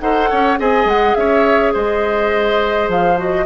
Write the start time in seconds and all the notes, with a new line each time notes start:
0.00 D#4 A4 C5 F#5
0.30 C#4 C#5
0.58 C4 G#4 D#5 G#5
0.85 G#3 F#5
1.14 C#4 C#5 E5
1.73 G#3 C5 D#5
2.88 F3 F5
3.17 F#4 D#5